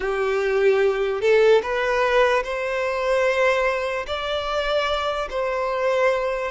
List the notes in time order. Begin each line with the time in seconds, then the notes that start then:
0.00 G4
1.21 A4
1.62 B4
2.43 C5
4.06 D5
5.30 C5